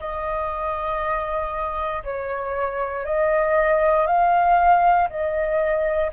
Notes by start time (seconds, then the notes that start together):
0.00 D#5
2.04 C#5
3.06 D#5
4.07 F5
5.09 D#5